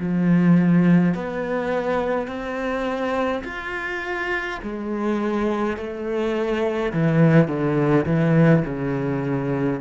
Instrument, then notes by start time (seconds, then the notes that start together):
cello
0.00 F3
1.15 B3
2.28 C4
3.45 F4
4.63 G#3
5.77 A3
6.93 E3
7.48 D3
8.06 E3
8.66 C#3